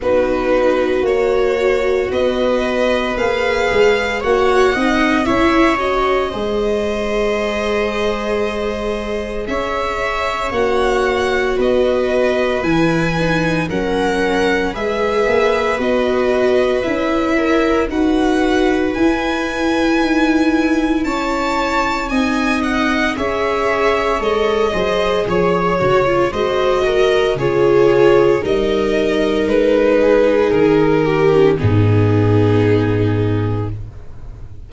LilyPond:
<<
  \new Staff \with { instrumentName = "violin" } { \time 4/4 \tempo 4 = 57 b'4 cis''4 dis''4 f''4 | fis''4 e''8 dis''2~ dis''8~ | dis''4 e''4 fis''4 dis''4 | gis''4 fis''4 e''4 dis''4 |
e''4 fis''4 gis''2 | a''4 gis''8 fis''8 e''4 dis''4 | cis''4 dis''4 cis''4 dis''4 | b'4 ais'4 gis'2 | }
  \new Staff \with { instrumentName = "viola" } { \time 4/4 fis'2 b'2 | cis''8 dis''8 cis''4 c''2~ | c''4 cis''2 b'4~ | b'4 ais'4 b'2~ |
b'8 ais'8 b'2. | cis''4 dis''4 cis''4. c''8 | cis''4 c''8 ais'8 gis'4 ais'4~ | ais'8 gis'4 g'8 dis'2 | }
  \new Staff \with { instrumentName = "viola" } { \time 4/4 dis'4 fis'2 gis'4 | fis'8 dis'8 e'8 fis'8 gis'2~ | gis'2 fis'2 | e'8 dis'8 cis'4 gis'4 fis'4 |
e'4 fis'4 e'2~ | e'4 dis'4 gis'4 a'8 gis'8~ | gis'8 fis'16 f'16 fis'4 f'4 dis'4~ | dis'4.~ dis'16 cis'16 b2 | }
  \new Staff \with { instrumentName = "tuba" } { \time 4/4 b4 ais4 b4 ais8 gis8 | ais8 c'8 cis'4 gis2~ | gis4 cis'4 ais4 b4 | e4 fis4 gis8 ais8 b4 |
cis'4 dis'4 e'4 dis'4 | cis'4 c'4 cis'4 gis8 fis8 | f8 cis8 gis4 cis4 g4 | gis4 dis4 gis,2 | }
>>